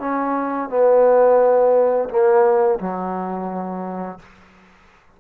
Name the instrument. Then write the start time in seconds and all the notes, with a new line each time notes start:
trombone
0.00 C#4
0.69 B3
2.09 A#3
2.79 F#3